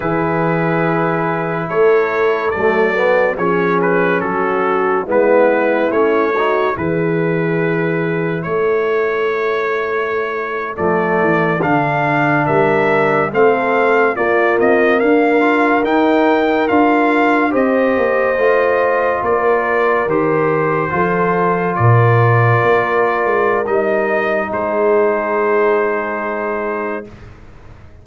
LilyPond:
<<
  \new Staff \with { instrumentName = "trumpet" } { \time 4/4 \tempo 4 = 71 b'2 cis''4 d''4 | cis''8 b'8 a'4 b'4 cis''4 | b'2 cis''2~ | cis''8. d''4 f''4 e''4 f''16~ |
f''8. d''8 dis''8 f''4 g''4 f''16~ | f''8. dis''2 d''4 c''16~ | c''4.~ c''16 d''2~ d''16 | dis''4 c''2. | }
  \new Staff \with { instrumentName = "horn" } { \time 4/4 gis'2 a'2 | gis'4 fis'4 e'4. fis'8 | gis'2 a'2~ | a'2~ a'8. ais'4 a'16~ |
a'8. f'4 ais'2~ ais'16~ | ais'8. c''2 ais'4~ ais'16~ | ais'8. a'4 ais'2~ ais'16~ | ais'4 gis'2. | }
  \new Staff \with { instrumentName = "trombone" } { \time 4/4 e'2. a8 b8 | cis'2 b4 cis'8 dis'8 | e'1~ | e'8. a4 d'2 c'16~ |
c'8. ais4. f'8 dis'4 f'16~ | f'8. g'4 f'2 g'16~ | g'8. f'2.~ f'16 | dis'1 | }
  \new Staff \with { instrumentName = "tuba" } { \time 4/4 e2 a4 fis4 | f4 fis4 gis4 a4 | e2 a2~ | a8. f8 e8 d4 g4 a16~ |
a8. ais8 c'8 d'4 dis'4 d'16~ | d'8. c'8 ais8 a4 ais4 dis16~ | dis8. f4 ais,4 ais8. gis8 | g4 gis2. | }
>>